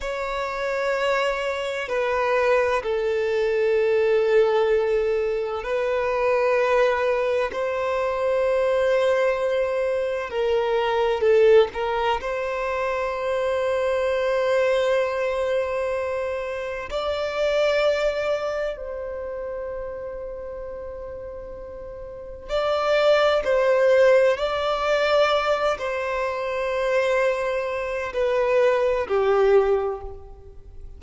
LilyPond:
\new Staff \with { instrumentName = "violin" } { \time 4/4 \tempo 4 = 64 cis''2 b'4 a'4~ | a'2 b'2 | c''2. ais'4 | a'8 ais'8 c''2.~ |
c''2 d''2 | c''1 | d''4 c''4 d''4. c''8~ | c''2 b'4 g'4 | }